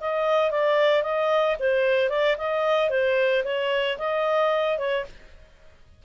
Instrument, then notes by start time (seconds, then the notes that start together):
clarinet
0.00 D#5
0.50 D5
1.02 D#5
1.59 C5
2.09 D5
2.37 D#5
2.89 C5
3.44 C#5
3.98 D#5
4.78 C#5